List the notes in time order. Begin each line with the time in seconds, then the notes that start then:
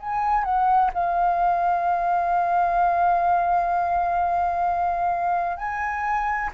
0.00 G#5
0.44 F#5
0.94 F5
5.57 G#5